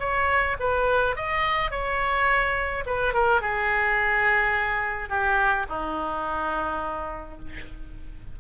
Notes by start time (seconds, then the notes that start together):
0.00 C#5
0.60 B4
1.16 D#5
1.71 C#5
2.86 B4
3.14 A#4
3.42 G#4
5.09 G4
5.69 D#4